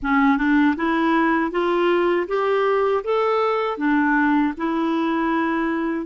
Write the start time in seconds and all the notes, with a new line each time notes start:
0.02 C#4
0.37 D4
0.76 E4
1.51 F4
2.28 G4
3.03 A4
3.77 D4
4.57 E4